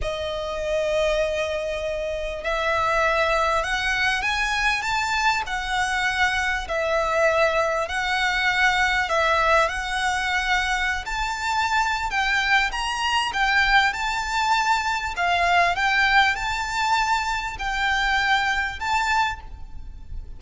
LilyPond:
\new Staff \with { instrumentName = "violin" } { \time 4/4 \tempo 4 = 99 dis''1 | e''2 fis''4 gis''4 | a''4 fis''2 e''4~ | e''4 fis''2 e''4 |
fis''2~ fis''16 a''4.~ a''16 | g''4 ais''4 g''4 a''4~ | a''4 f''4 g''4 a''4~ | a''4 g''2 a''4 | }